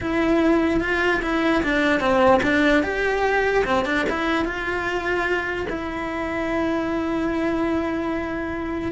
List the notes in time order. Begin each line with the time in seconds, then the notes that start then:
0.00 E4
0.80 F4
1.22 E4
1.63 D4
2.00 C4
2.42 D4
2.83 G4
3.64 C4
3.85 D4
4.09 E4
4.44 F4
5.69 E4